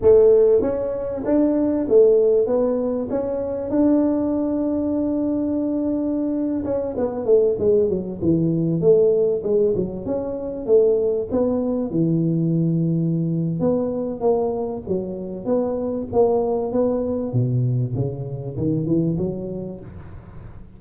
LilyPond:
\new Staff \with { instrumentName = "tuba" } { \time 4/4 \tempo 4 = 97 a4 cis'4 d'4 a4 | b4 cis'4 d'2~ | d'2~ d'8. cis'8 b8 a16~ | a16 gis8 fis8 e4 a4 gis8 fis16~ |
fis16 cis'4 a4 b4 e8.~ | e2 b4 ais4 | fis4 b4 ais4 b4 | b,4 cis4 dis8 e8 fis4 | }